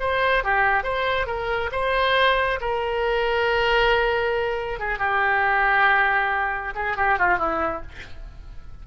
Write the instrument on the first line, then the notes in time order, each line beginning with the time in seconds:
oboe
0.00 C5
0.44 G4
0.83 C5
1.27 A#4
1.72 C5
2.61 A#4
4.79 G#4
4.98 G4
6.75 G#4
6.97 G4
7.19 F4
7.38 E4